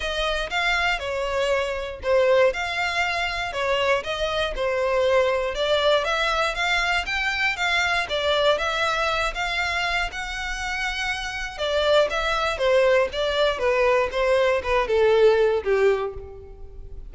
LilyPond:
\new Staff \with { instrumentName = "violin" } { \time 4/4 \tempo 4 = 119 dis''4 f''4 cis''2 | c''4 f''2 cis''4 | dis''4 c''2 d''4 | e''4 f''4 g''4 f''4 |
d''4 e''4. f''4. | fis''2. d''4 | e''4 c''4 d''4 b'4 | c''4 b'8 a'4. g'4 | }